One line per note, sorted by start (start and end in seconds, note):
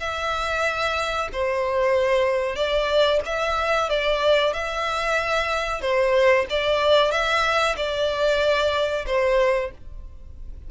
0.00 1.29 E5
1.33 2.56 C5
2.56 3.21 D5
3.26 3.90 E5
3.90 4.54 D5
4.54 5.82 E5
5.82 6.46 C5
6.50 7.12 D5
7.12 7.76 E5
7.77 9.06 D5
9.07 9.71 C5